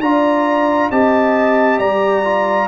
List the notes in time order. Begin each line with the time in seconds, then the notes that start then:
0.00 D4 F4 D5 A#5
0.90 C4 G4 D#5 A5
1.78 G3 D5 A#5
2.24 F4